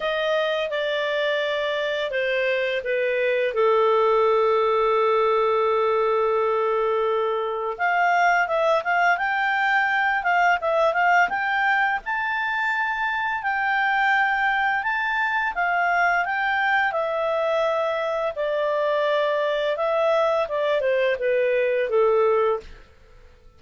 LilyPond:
\new Staff \with { instrumentName = "clarinet" } { \time 4/4 \tempo 4 = 85 dis''4 d''2 c''4 | b'4 a'2.~ | a'2. f''4 | e''8 f''8 g''4. f''8 e''8 f''8 |
g''4 a''2 g''4~ | g''4 a''4 f''4 g''4 | e''2 d''2 | e''4 d''8 c''8 b'4 a'4 | }